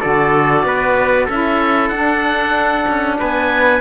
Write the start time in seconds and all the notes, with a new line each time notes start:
0.00 D3 F#4 A4 D5
0.63 B3 B4
1.25 C#4 E4 A4 E5
1.89 D4 F#5
2.88 C#4
3.19 B3 B4 G#5